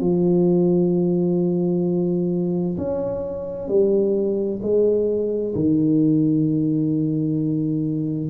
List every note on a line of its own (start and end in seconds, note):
0.00 2.77 F3
2.77 3.68 C#4
3.68 4.60 G3
4.62 5.54 G#3
5.55 8.30 D#3